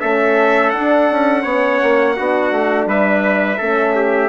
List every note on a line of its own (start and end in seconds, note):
0.00 0.75 A3
0.00 0.73 C#4
0.00 1.43 A4
0.00 0.70 E5
0.70 1.44 D4
0.70 1.10 D4
0.70 2.84 F#5
1.10 1.44 C#4
1.43 1.80 B3
1.43 2.15 C#4
1.43 2.14 C#5
1.82 2.18 A#3
2.16 2.51 B3
2.16 3.58 D4
2.16 2.88 F#4
2.51 2.86 A3
2.86 3.58 G3
2.86 3.57 B4
2.86 4.29 E5
3.57 4.29 A3
3.57 4.29 C#4
3.57 3.93 A4
3.95 4.29 G4